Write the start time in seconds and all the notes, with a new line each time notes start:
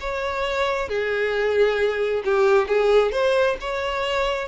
0.00 C#5
0.89 G#4
2.24 G4
2.68 G#4
3.12 C5
3.60 C#5